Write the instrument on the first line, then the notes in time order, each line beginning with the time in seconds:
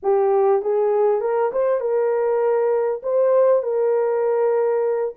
horn
0.02 G4
0.61 G#4
1.20 A#4
1.52 C5
1.80 A#4
3.02 C5
3.62 A#4